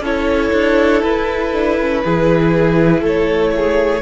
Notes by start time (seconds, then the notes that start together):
0.00 C#4 E4 A4 C#5
0.53 D4
1.02 E4 B4
1.53 D4
1.80 C#4
2.05 E3 E4 G#4
3.01 A3 A4 C#5
3.56 G#4